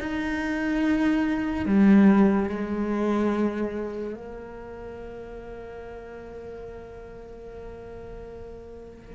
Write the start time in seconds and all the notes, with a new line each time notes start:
0.00 D#4
1.66 G3
2.49 G#3
4.14 A#3